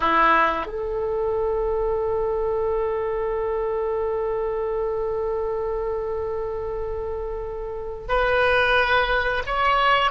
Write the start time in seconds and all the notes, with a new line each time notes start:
0.00 E4
0.66 A4
8.08 B4
9.46 C#5